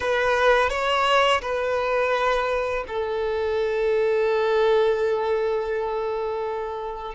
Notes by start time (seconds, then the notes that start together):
0.00 B4
0.69 C#5
1.41 B4
2.87 A4